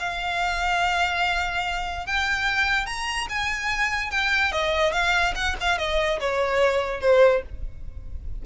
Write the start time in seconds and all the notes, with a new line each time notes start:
0.00 F5
2.07 G5
2.86 A#5
3.30 G#5
4.11 G5
4.52 D#5
4.93 F5
5.35 F#5
5.61 F5
5.79 D#5
6.21 C#5
7.01 C5